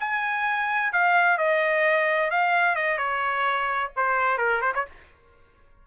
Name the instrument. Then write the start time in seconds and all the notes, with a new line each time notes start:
trumpet
0.00 G#5
0.93 F5
1.38 D#5
2.31 F5
2.76 D#5
2.98 C#5
3.96 C5
4.38 A#4
4.62 C5
4.75 C#5